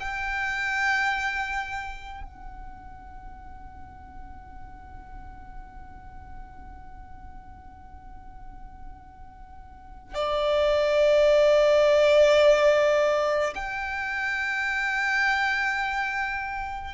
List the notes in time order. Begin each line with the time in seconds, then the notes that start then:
0.00 G5
2.24 F#5
10.15 D5
13.55 G5